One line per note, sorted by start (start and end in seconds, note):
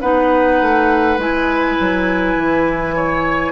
0.00 0.61 B3
0.00 1.19 D#4
0.00 2.95 B4
0.00 1.18 F#5
0.61 1.17 A3
1.17 1.76 G#3
1.17 3.52 E4
1.17 3.52 G#5
1.80 2.36 F#3
2.36 3.52 E3
2.95 3.52 C#5